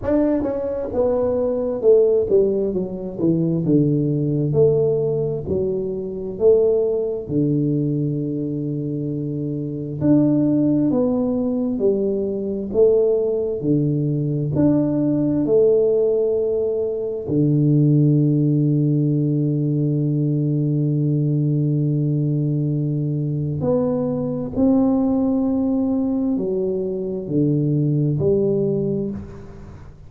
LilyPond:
\new Staff \with { instrumentName = "tuba" } { \time 4/4 \tempo 4 = 66 d'8 cis'8 b4 a8 g8 fis8 e8 | d4 a4 fis4 a4 | d2. d'4 | b4 g4 a4 d4 |
d'4 a2 d4~ | d1~ | d2 b4 c'4~ | c'4 fis4 d4 g4 | }